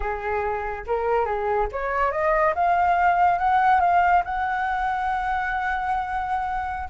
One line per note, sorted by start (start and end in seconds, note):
0.00 0.84 G#4
0.86 1.25 A#4
1.25 1.67 G#4
1.72 2.11 C#5
2.11 2.54 D#5
2.54 3.38 F5
3.38 3.80 F#5
3.80 4.22 F5
4.24 6.89 F#5